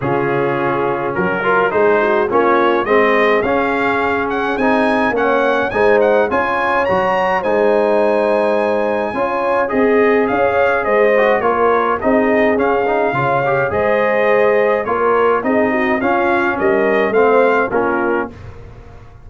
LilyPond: <<
  \new Staff \with { instrumentName = "trumpet" } { \time 4/4 \tempo 4 = 105 gis'2 ais'4 c''4 | cis''4 dis''4 f''4. fis''8 | gis''4 fis''4 gis''8 fis''8 gis''4 | ais''4 gis''2.~ |
gis''4 dis''4 f''4 dis''4 | cis''4 dis''4 f''2 | dis''2 cis''4 dis''4 | f''4 dis''4 f''4 ais'4 | }
  \new Staff \with { instrumentName = "horn" } { \time 4/4 f'2 fis'8 ais'8 gis'8 fis'8 | f'4 gis'2.~ | gis'4 cis''4 c''4 cis''4~ | cis''4 c''2. |
cis''4 gis'4 cis''4 c''4 | ais'4 gis'2 cis''4 | c''2 ais'4 gis'8 fis'8 | f'4 ais'4 c''4 f'4 | }
  \new Staff \with { instrumentName = "trombone" } { \time 4/4 cis'2~ cis'8 f'8 dis'4 | cis'4 c'4 cis'2 | dis'4 cis'4 dis'4 f'4 | fis'4 dis'2. |
f'4 gis'2~ gis'8 fis'8 | f'4 dis'4 cis'8 dis'8 f'8 g'8 | gis'2 f'4 dis'4 | cis'2 c'4 cis'4 | }
  \new Staff \with { instrumentName = "tuba" } { \time 4/4 cis2 fis4 gis4 | ais4 gis4 cis'2 | c'4 ais4 gis4 cis'4 | fis4 gis2. |
cis'4 c'4 cis'4 gis4 | ais4 c'4 cis'4 cis4 | gis2 ais4 c'4 | cis'4 g4 a4 ais4 | }
>>